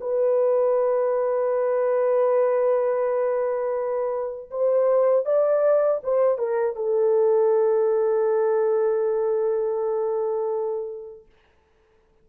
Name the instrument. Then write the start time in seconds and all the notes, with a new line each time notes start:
horn
0.00 B4
4.50 C5
5.25 D5
6.03 C5
6.38 A#4
6.75 A4